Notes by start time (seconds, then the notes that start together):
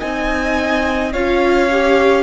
0.00 C4 D#4 D#5 G#5
1.13 C#4 F4 C#5 F5
1.71 G4